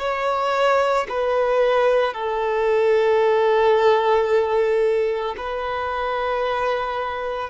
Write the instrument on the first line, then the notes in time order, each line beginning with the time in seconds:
violin
0.00 C#5
1.09 B4
2.14 A4
5.37 B4